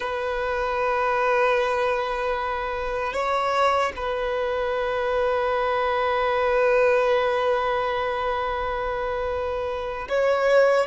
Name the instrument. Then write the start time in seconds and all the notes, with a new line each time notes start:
violin
0.00 B4
3.13 C#5
3.96 B4
10.08 C#5